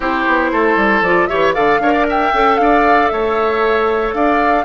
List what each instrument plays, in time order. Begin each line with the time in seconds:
0.00 bassoon C4, clarinet E4, oboe G4, flute C5
0.27 bassoon B3
0.52 bassoon A3, oboe A4
0.76 bassoon G3
1.01 bassoon F3, clarinet F4, flute D5
1.26 bassoon E3, clarinet G4, oboe C#5, flute E5
1.54 bassoon D3, clarinet A4, oboe D5, flute F5
1.79 bassoon D4, clarinet A#4, oboe C#5
1.92 oboe D5
2.09 oboe E5, flute G5
2.33 bassoon C#4, clarinet A4
2.57 bassoon D4, oboe D5, flute F5
3.08 bassoon A3, oboe C#5, flute E5
4.13 bassoon D4, oboe D5, flute F5